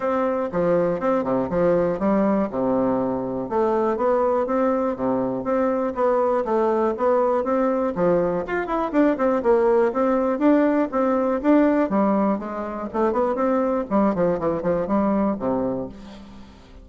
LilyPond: \new Staff \with { instrumentName = "bassoon" } { \time 4/4 \tempo 4 = 121 c'4 f4 c'8 c8 f4 | g4 c2 a4 | b4 c'4 c4 c'4 | b4 a4 b4 c'4 |
f4 f'8 e'8 d'8 c'8 ais4 | c'4 d'4 c'4 d'4 | g4 gis4 a8 b8 c'4 | g8 f8 e8 f8 g4 c4 | }